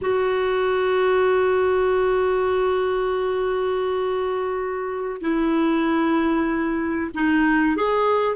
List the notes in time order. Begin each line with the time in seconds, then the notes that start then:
0.01 F#4
5.21 E4
7.14 D#4
7.76 G#4